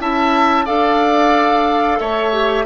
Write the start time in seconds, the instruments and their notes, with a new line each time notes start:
0.00 bassoon C#4, clarinet E4, oboe E5, flute A5
0.65 bassoon D4, clarinet A4, oboe D5, flute F5
2.00 bassoon A3, oboe C#5, flute E5
2.32 clarinet G4